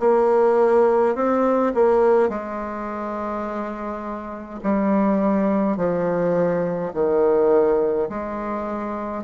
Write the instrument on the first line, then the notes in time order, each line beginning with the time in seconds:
bassoon
0.00 A#3
1.15 C4
1.75 A#3
2.29 G#3
4.63 G3
5.77 F3
6.93 D#3
8.09 G#3